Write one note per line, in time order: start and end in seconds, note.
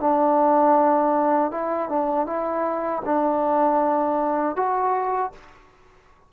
0.00 1.51 D4
1.51 1.89 E4
1.89 2.26 D4
2.26 3.02 E4
3.05 4.56 D4
4.56 5.32 F#4